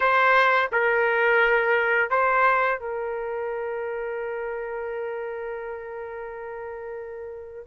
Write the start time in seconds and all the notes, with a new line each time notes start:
0.00 C5
0.72 A#4
2.09 C5
2.79 A#4